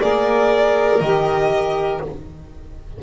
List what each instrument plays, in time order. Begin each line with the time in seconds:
0.00 double bass A#3, saxophone G#4, violin A#4 D5
1.01 double bass D#3, saxophone G4, violin D#5